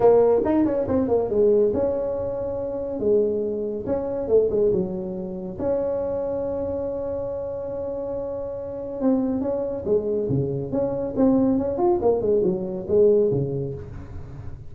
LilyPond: \new Staff \with { instrumentName = "tuba" } { \time 4/4 \tempo 4 = 140 ais4 dis'8 cis'8 c'8 ais8 gis4 | cis'2. gis4~ | gis4 cis'4 a8 gis8 fis4~ | fis4 cis'2.~ |
cis'1~ | cis'4 c'4 cis'4 gis4 | cis4 cis'4 c'4 cis'8 f'8 | ais8 gis8 fis4 gis4 cis4 | }